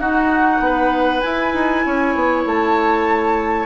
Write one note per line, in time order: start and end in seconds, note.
0.00 0.60 D#4
0.00 1.22 D#4
0.00 0.62 F#4
0.00 1.21 F#5
0.60 1.21 B3
0.60 1.86 B4
1.21 3.66 E4
1.21 1.54 E4
1.21 2.43 G#5
1.54 1.84 D#4
1.86 2.16 C#4
1.86 3.66 C#5
2.16 2.46 B3
2.46 3.66 A3
2.46 3.66 A5